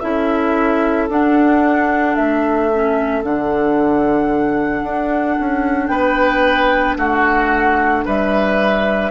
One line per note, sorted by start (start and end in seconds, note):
0.00 1.09 C#4
0.00 1.09 E4
0.00 5.90 A4
0.00 1.07 E5
1.09 2.16 D4
1.09 2.71 D4
1.09 2.15 F#5
2.15 3.23 A3
2.15 3.23 E5
2.74 3.23 C#4
3.23 4.83 D3
3.23 9.11 D4
3.23 5.87 F#5
4.83 5.37 D4
5.40 5.89 C#4
5.87 6.96 B3
5.87 6.97 B4
5.87 6.95 G5
6.97 8.04 A3
6.97 8.05 F#4
6.97 8.05 F#5
8.05 9.11 G3
8.05 9.11 B4
8.05 9.11 E5